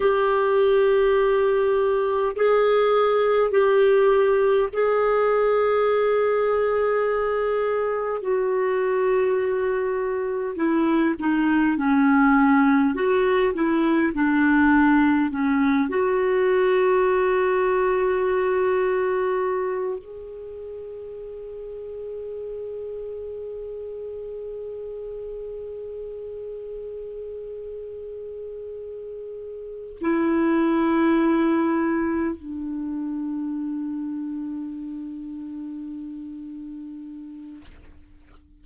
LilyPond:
\new Staff \with { instrumentName = "clarinet" } { \time 4/4 \tempo 4 = 51 g'2 gis'4 g'4 | gis'2. fis'4~ | fis'4 e'8 dis'8 cis'4 fis'8 e'8 | d'4 cis'8 fis'2~ fis'8~ |
fis'4 gis'2.~ | gis'1~ | gis'4. e'2 d'8~ | d'1 | }